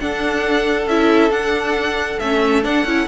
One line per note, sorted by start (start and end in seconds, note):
0.00 0.87 D4
0.00 0.89 D4
0.00 3.08 A4
0.00 0.88 F#5
0.87 1.30 C#4
0.87 1.31 E4
0.87 1.31 E5
1.30 2.18 D4
1.30 2.19 D4
1.30 2.19 F#5
2.19 2.65 A3
2.19 2.63 C#4
2.19 2.63 E5
2.63 2.85 D4
2.63 3.08 F#5
2.85 3.07 C#4
2.85 3.08 E4